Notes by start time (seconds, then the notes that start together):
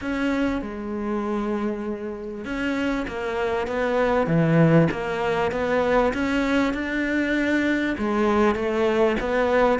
0.01 C#4
0.61 G#3
2.44 C#4
3.07 A#3
3.67 B3
4.27 E3
4.91 A#3
5.51 B3
6.13 C#4
6.73 D4
7.97 G#3
8.55 A3
9.20 B3